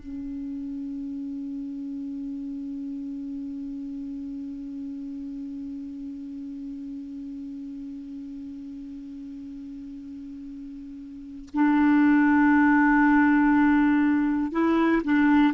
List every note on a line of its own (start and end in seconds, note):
0.00 11.50 C#4
11.55 14.52 D4
14.52 15.02 E4
15.04 15.54 D4